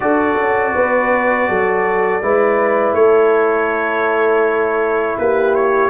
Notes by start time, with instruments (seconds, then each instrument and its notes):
0.00 tuba D4, trombone F#4, horn A4, trumpet D5
0.36 tuba C#4
0.75 tuba B3, horn B4
1.48 tuba F#3, horn A4
2.22 tuba G#3, trombone E4, horn B4
2.93 tuba A3, horn A4, trumpet C#5
5.18 tuba A#3, horn G4, trumpet B4
5.54 trumpet C#5